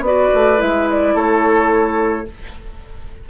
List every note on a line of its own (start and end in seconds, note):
0.00 0.28 B3
0.00 0.57 F#4
0.00 0.61 D5
0.07 1.14 B4
0.34 0.61 A3
0.57 1.14 G#3
0.57 2.25 E4
0.57 0.89 E5
0.90 1.17 D5
1.14 2.26 A3
1.14 2.26 A4
1.14 2.29 C#5